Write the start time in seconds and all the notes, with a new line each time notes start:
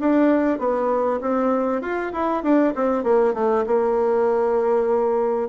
0.00 D4
0.59 B3
1.21 C4
1.82 F4
2.13 E4
2.43 D4
2.75 C4
3.04 A#3
3.34 A3
3.66 A#3